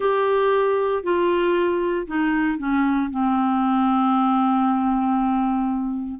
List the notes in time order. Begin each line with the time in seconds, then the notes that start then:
0.00 G4
1.03 F4
2.07 D#4
2.58 C#4
3.10 C4